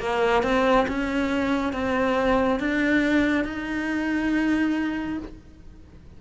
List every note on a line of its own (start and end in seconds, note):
0.00 0.43 A#3
0.43 0.87 C4
0.88 1.73 C#4
1.73 2.60 C4
2.60 3.45 D4
3.45 5.19 D#4